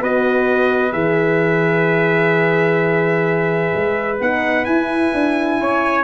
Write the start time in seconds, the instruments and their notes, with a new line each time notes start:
0.00 tuba B3, horn F#4, trumpet B4 D#5
0.92 tuba E3, horn G#4, trumpet E5
3.75 tuba G#3
4.20 tuba B3, horn D#4, trumpet F#5
4.65 tuba E4, horn E4, trumpet G#5
5.14 tuba D4
5.60 tuba C#4, trumpet C#5